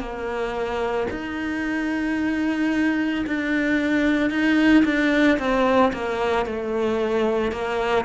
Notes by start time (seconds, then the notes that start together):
0.00 A#3
1.11 D#4
3.27 D4
4.30 D#4
4.85 D4
5.39 C4
5.93 A#3
6.46 A3
7.52 A#3